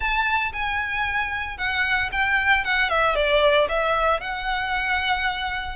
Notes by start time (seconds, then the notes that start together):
0.00 A5
0.53 G#5
1.57 F#5
2.12 G5
2.64 F#5
2.89 E5
3.15 D5
3.68 E5
4.20 F#5